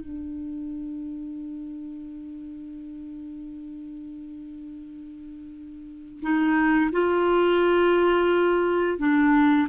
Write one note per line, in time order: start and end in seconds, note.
0.00 6.21 D4
6.21 6.90 D#4
6.92 8.98 F4
8.98 9.67 D4